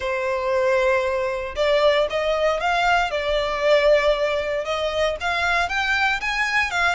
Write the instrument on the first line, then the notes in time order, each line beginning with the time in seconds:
violin
0.00 C5
1.55 D5
2.09 D#5
2.60 F5
3.11 D5
4.64 D#5
5.20 F5
5.68 G5
6.20 G#5
6.71 F5